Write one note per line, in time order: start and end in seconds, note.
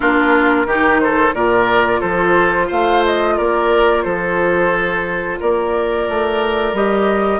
0.00 0.66 A#3
0.00 0.67 D4
0.00 0.66 F4
0.00 1.00 A#4
0.66 1.33 D#3
0.66 1.34 D#4
0.66 1.00 G4
1.00 1.34 A4
1.00 1.33 C5
1.33 2.01 A#2
1.33 6.73 F4
1.33 2.00 A#4
1.33 2.00 D5
2.00 2.70 F3
2.00 2.67 A4
2.00 2.68 C5
2.67 3.38 A3
2.67 3.34 C5
2.67 3.04 F5
3.05 3.37 D#5
3.36 4.05 A#3
3.36 4.04 A#4
3.36 4.02 D5
4.02 5.39 F3
4.02 5.39 A4
4.02 5.37 C5
5.40 6.08 A#3
5.40 7.39 A#4
5.40 6.75 D5
6.08 6.72 A3
6.72 7.39 G3
6.72 7.39 G4
6.72 7.39 D#5